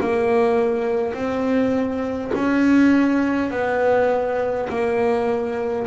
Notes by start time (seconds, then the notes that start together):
0.00 A#3
1.14 C4
2.35 C#4
3.51 B3
4.69 A#3